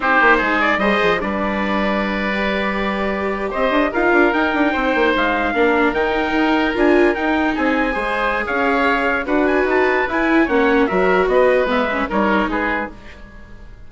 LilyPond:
<<
  \new Staff \with { instrumentName = "trumpet" } { \time 4/4 \tempo 4 = 149 c''4. d''8 dis''4 d''4~ | d''1~ | d''8. dis''4 f''4 g''4~ g''16~ | g''8. f''2 g''4~ g''16~ |
g''8. gis''4 g''4 gis''4~ gis''16~ | gis''4 f''2 fis''8 gis''8 | a''4 gis''4 fis''4 e''4 | dis''4 e''4 cis''4 b'4 | }
  \new Staff \with { instrumentName = "oboe" } { \time 4/4 g'4 gis'4 c''4 b'4~ | b'1~ | b'8. c''4 ais'2 c''16~ | c''4.~ c''16 ais'2~ ais'16~ |
ais'2~ ais'8. gis'4 c''16~ | c''4 cis''2 b'4~ | b'2 cis''4 ais'4 | b'2 ais'4 gis'4 | }
  \new Staff \with { instrumentName = "viola" } { \time 4/4 dis'2 gis'4 d'4~ | d'4.~ d'16 g'2~ g'16~ | g'4.~ g'16 f'4 dis'4~ dis'16~ | dis'4.~ dis'16 d'4 dis'4~ dis'16~ |
dis'8. f'4 dis'2 gis'16~ | gis'2. fis'4~ | fis'4 e'4 cis'4 fis'4~ | fis'4 b8 cis'8 dis'2 | }
  \new Staff \with { instrumentName = "bassoon" } { \time 4/4 c'8 ais8 gis4 g8 f8 g4~ | g1~ | g8. c'8 d'8 dis'8 d'8 dis'8 d'8 c'16~ | c'16 ais8 gis4 ais4 dis4 dis'16~ |
dis'8. d'4 dis'4 c'4 gis16~ | gis4 cis'2 d'4 | dis'4 e'4 ais4 fis4 | b4 gis4 g4 gis4 | }
>>